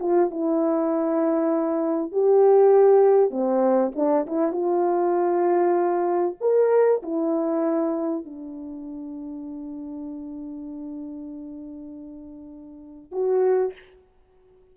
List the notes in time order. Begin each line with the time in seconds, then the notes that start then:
0.00 F4
0.31 E4
2.12 G4
3.31 C4
3.96 D4
4.27 E4
4.52 F4
6.41 A#4
7.03 E4
8.25 D4
13.12 F#4